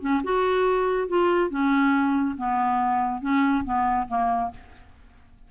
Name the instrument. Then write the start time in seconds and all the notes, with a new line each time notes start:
clarinet
0.00 C#4
0.23 F#4
1.08 F4
1.50 C#4
2.37 B3
3.21 C#4
3.64 B3
4.08 A#3